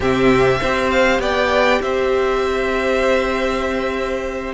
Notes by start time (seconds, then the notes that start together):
0.00 C3 C4 G4 E5
0.60 C4 G4 C5
0.90 F5
1.19 B3 D5 G5
1.81 C4 C5 E5